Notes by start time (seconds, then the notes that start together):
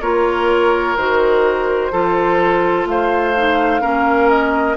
0.00 A#3 F4 A#4 C#5
0.96 D#3 F#4 C5
1.91 F3 F4 A4
2.85 A3 C5 F5
3.35 D#4
3.80 A#3 C#4 A#4
4.29 D#5